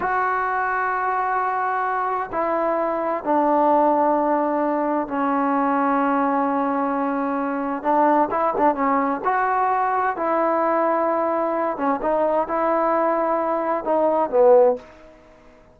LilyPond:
\new Staff \with { instrumentName = "trombone" } { \time 4/4 \tempo 4 = 130 fis'1~ | fis'4 e'2 d'4~ | d'2. cis'4~ | cis'1~ |
cis'4 d'4 e'8 d'8 cis'4 | fis'2 e'2~ | e'4. cis'8 dis'4 e'4~ | e'2 dis'4 b4 | }